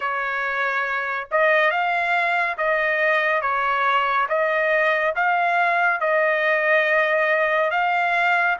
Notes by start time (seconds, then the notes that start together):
0.00 C#5
1.31 D#5
1.71 F5
2.57 D#5
3.41 C#5
4.29 D#5
5.15 F5
6.00 D#5
7.71 F5